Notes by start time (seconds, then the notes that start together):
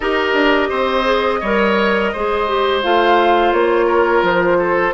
0.00 D#4 G4 A#4 D#5
0.33 D4
0.69 C4 C5
1.04 G#4
1.40 G3 A#4 C#5
2.12 G#3 G#4 C5
2.47 G4
2.82 A3 F4 F5
3.52 A#3 C#5
3.86 A#4
4.22 F3 C5
4.59 A4